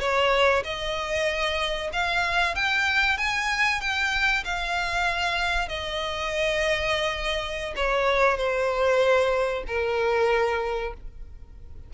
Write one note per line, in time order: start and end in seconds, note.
0.00 0.63 C#5
0.64 1.90 D#5
1.93 2.55 F5
2.55 3.18 G5
3.18 3.81 G#5
3.81 4.44 G5
4.44 5.69 F5
5.69 7.74 D#5
7.76 8.37 C#5
8.37 9.63 C5
9.67 10.93 A#4